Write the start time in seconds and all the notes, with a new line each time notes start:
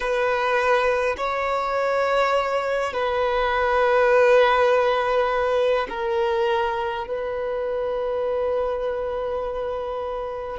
0.00 B4
1.17 C#5
2.93 B4
5.89 A#4
7.06 B4